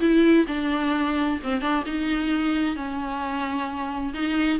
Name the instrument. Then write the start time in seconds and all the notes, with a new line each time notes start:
viola
0.00 E4
0.48 D4
1.43 C4
1.61 D4
1.86 D#4
2.76 C#4
4.14 D#4